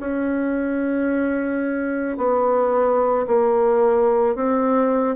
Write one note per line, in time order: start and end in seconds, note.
0.00 2.17 C#4
2.17 3.26 B3
3.27 4.35 A#3
4.35 5.16 C4